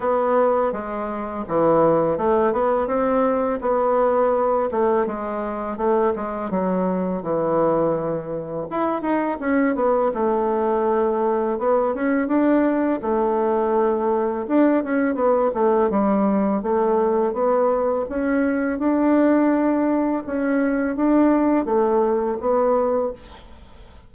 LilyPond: \new Staff \with { instrumentName = "bassoon" } { \time 4/4 \tempo 4 = 83 b4 gis4 e4 a8 b8 | c'4 b4. a8 gis4 | a8 gis8 fis4 e2 | e'8 dis'8 cis'8 b8 a2 |
b8 cis'8 d'4 a2 | d'8 cis'8 b8 a8 g4 a4 | b4 cis'4 d'2 | cis'4 d'4 a4 b4 | }